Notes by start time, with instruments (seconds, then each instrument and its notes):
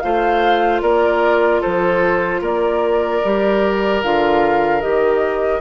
0.00 bassoon A3, clarinet F4, oboe C5, flute F5
0.82 bassoon A#3, oboe A#4, flute D5
1.61 bassoon F3, oboe A4, flute C5
2.41 bassoon A#3, oboe A#4, flute D5
3.24 bassoon G3, clarinet G4
4.03 bassoon D3, clarinet F4, flute F5
4.81 bassoon D#3, clarinet G4, flute D#5